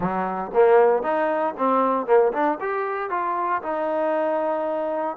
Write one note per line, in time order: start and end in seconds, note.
0.00 0.51 F#3
0.53 1.02 A#3
1.02 1.54 D#4
1.57 2.06 C4
2.06 2.32 A#3
2.32 2.58 D4
2.60 3.10 G4
3.10 3.61 F4
3.62 5.17 D#4